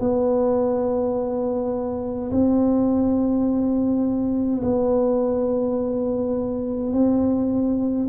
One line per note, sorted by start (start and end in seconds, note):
0.00 2.31 B3
2.31 4.62 C4
4.62 6.93 B3
6.93 8.08 C4